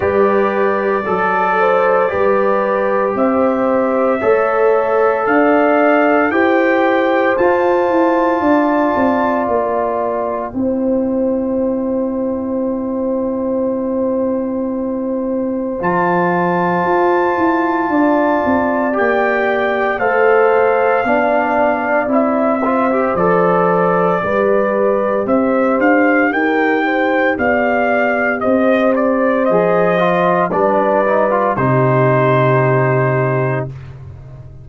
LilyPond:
<<
  \new Staff \with { instrumentName = "trumpet" } { \time 4/4 \tempo 4 = 57 d''2. e''4~ | e''4 f''4 g''4 a''4~ | a''4 g''2.~ | g''2. a''4~ |
a''2 g''4 f''4~ | f''4 e''4 d''2 | e''8 f''8 g''4 f''4 dis''8 d''8 | dis''4 d''4 c''2 | }
  \new Staff \with { instrumentName = "horn" } { \time 4/4 b'4 a'8 c''8 b'4 c''4 | cis''4 d''4 c''2 | d''2 c''2~ | c''1~ |
c''4 d''2 c''4 | d''4. c''4. b'4 | c''4 ais'8 c''8 d''4 c''4~ | c''4 b'4 g'2 | }
  \new Staff \with { instrumentName = "trombone" } { \time 4/4 g'4 a'4 g'2 | a'2 g'4 f'4~ | f'2 e'2~ | e'2. f'4~ |
f'2 g'4 a'4 | d'4 e'8 f'16 g'16 a'4 g'4~ | g'1 | gis'8 f'8 d'8 dis'16 f'16 dis'2 | }
  \new Staff \with { instrumentName = "tuba" } { \time 4/4 g4 fis4 g4 c'4 | a4 d'4 e'4 f'8 e'8 | d'8 c'8 ais4 c'2~ | c'2. f4 |
f'8 e'8 d'8 c'8 ais4 a4 | b4 c'4 f4 g4 | c'8 d'8 dis'4 b4 c'4 | f4 g4 c2 | }
>>